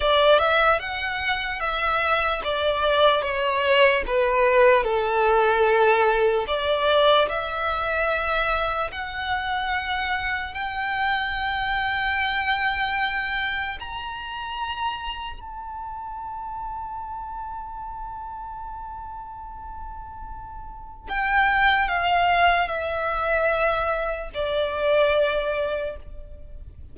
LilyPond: \new Staff \with { instrumentName = "violin" } { \time 4/4 \tempo 4 = 74 d''8 e''8 fis''4 e''4 d''4 | cis''4 b'4 a'2 | d''4 e''2 fis''4~ | fis''4 g''2.~ |
g''4 ais''2 a''4~ | a''1~ | a''2 g''4 f''4 | e''2 d''2 | }